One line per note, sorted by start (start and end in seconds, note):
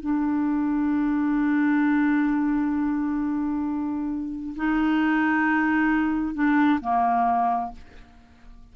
0.00 4.55 D4
4.56 6.34 D#4
6.34 6.80 D4
6.81 7.71 A#3